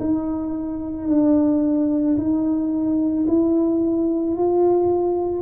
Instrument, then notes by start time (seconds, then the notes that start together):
tuba
0.00 D#4
1.08 D4
2.17 D#4
3.27 E4
4.36 F4